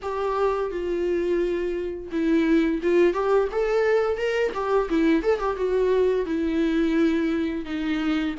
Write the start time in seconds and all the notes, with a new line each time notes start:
0.02 G4
0.70 F4
2.11 E4
2.82 F4
3.13 G4
3.51 A4
4.17 A#4
4.53 G4
4.89 E4
5.22 A4
5.39 G4
5.56 F#4
6.25 E4
7.65 D#4